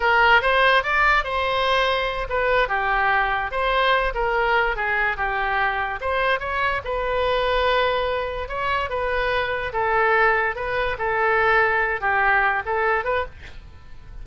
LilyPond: \new Staff \with { instrumentName = "oboe" } { \time 4/4 \tempo 4 = 145 ais'4 c''4 d''4 c''4~ | c''4. b'4 g'4.~ | g'8 c''4. ais'4. gis'8~ | gis'8 g'2 c''4 cis''8~ |
cis''8 b'2.~ b'8~ | b'8 cis''4 b'2 a'8~ | a'4. b'4 a'4.~ | a'4 g'4. a'4 b'8 | }